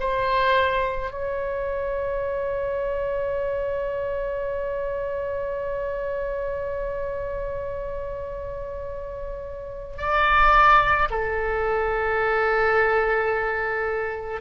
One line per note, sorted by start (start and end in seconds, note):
0.00 1.11 C5
1.11 9.97 C#5
9.97 11.09 D5
11.10 14.41 A4